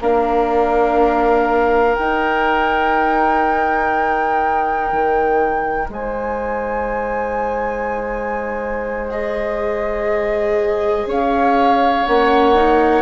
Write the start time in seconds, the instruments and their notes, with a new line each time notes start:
0.00 bassoon A#3, viola D4, oboe A#4, flute F5
1.95 viola D#4, bassoon D#4, flute G5
4.92 bassoon D#3
5.89 bassoon G#3, oboe C5, flute G#5
9.10 viola G#4, flute D#5
11.06 bassoon C#4, oboe C#5, flute F5
12.06 bassoon A#3, viola C#4, flute F#5
12.55 viola D#4